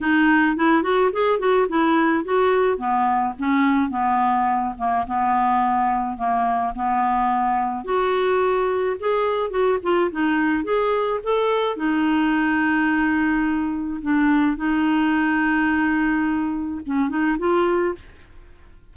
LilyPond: \new Staff \with { instrumentName = "clarinet" } { \time 4/4 \tempo 4 = 107 dis'4 e'8 fis'8 gis'8 fis'8 e'4 | fis'4 b4 cis'4 b4~ | b8 ais8 b2 ais4 | b2 fis'2 |
gis'4 fis'8 f'8 dis'4 gis'4 | a'4 dis'2.~ | dis'4 d'4 dis'2~ | dis'2 cis'8 dis'8 f'4 | }